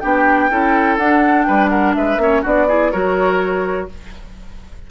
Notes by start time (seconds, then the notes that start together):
0.00 B3 D4 G4 G5
0.50 C#4 E4 A4
0.97 D4 F#5
1.43 G3 B4 G5
1.69 A#4 F#5
1.94 G#3 B4 E5
2.17 A#3 C#4 C#5
2.42 B3 D4 F#4 D5
2.68 E4 G#4
2.91 F#3 F#4 A#4 C#5